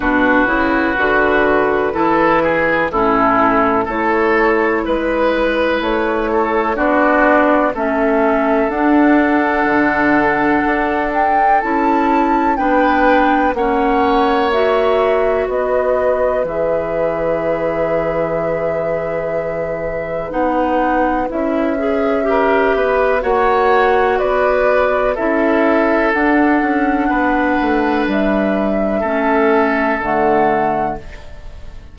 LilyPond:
<<
  \new Staff \with { instrumentName = "flute" } { \time 4/4 \tempo 4 = 62 b'2. a'4 | cis''4 b'4 cis''4 d''4 | e''4 fis''2~ fis''8 g''8 | a''4 g''4 fis''4 e''4 |
dis''4 e''2.~ | e''4 fis''4 e''2 | fis''4 d''4 e''4 fis''4~ | fis''4 e''2 fis''4 | }
  \new Staff \with { instrumentName = "oboe" } { \time 4/4 fis'2 a'8 gis'8 e'4 | a'4 b'4. a'8 fis'4 | a'1~ | a'4 b'4 cis''2 |
b'1~ | b'2. ais'8 b'8 | cis''4 b'4 a'2 | b'2 a'2 | }
  \new Staff \with { instrumentName = "clarinet" } { \time 4/4 d'8 e'8 fis'4 e'4 cis'4 | e'2. d'4 | cis'4 d'2. | e'4 d'4 cis'4 fis'4~ |
fis'4 gis'2.~ | gis'4 dis'4 e'8 gis'8 g'4 | fis'2 e'4 d'4~ | d'2 cis'4 a4 | }
  \new Staff \with { instrumentName = "bassoon" } { \time 4/4 b,8 cis8 d4 e4 a,4 | a4 gis4 a4 b4 | a4 d'4 d4 d'4 | cis'4 b4 ais2 |
b4 e2.~ | e4 b4 cis'4. b8 | ais4 b4 cis'4 d'8 cis'8 | b8 a8 g4 a4 d4 | }
>>